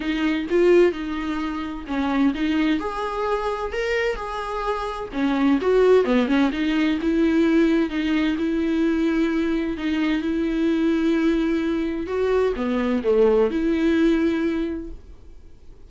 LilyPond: \new Staff \with { instrumentName = "viola" } { \time 4/4 \tempo 4 = 129 dis'4 f'4 dis'2 | cis'4 dis'4 gis'2 | ais'4 gis'2 cis'4 | fis'4 b8 cis'8 dis'4 e'4~ |
e'4 dis'4 e'2~ | e'4 dis'4 e'2~ | e'2 fis'4 b4 | a4 e'2. | }